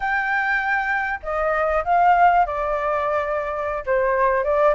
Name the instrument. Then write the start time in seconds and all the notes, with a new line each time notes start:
flute
0.00 G5
1.22 D#5
1.84 F5
2.46 D5
3.85 C5
4.44 D5